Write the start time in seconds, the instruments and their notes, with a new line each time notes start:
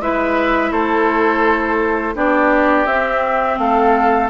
0.00 bassoon G#3, clarinet E4, oboe B4, flute E5
0.71 bassoon A3, oboe A4, flute C5
2.15 bassoon B3, clarinet D4, oboe G4, flute D5
2.86 bassoon C4, clarinet C4, flute E5
3.58 bassoon A3, oboe A4, flute F5